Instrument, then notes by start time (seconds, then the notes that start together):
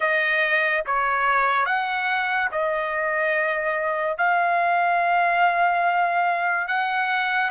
trumpet
0.00 D#5
0.86 C#5
1.65 F#5
2.52 D#5
4.17 F5
6.67 F#5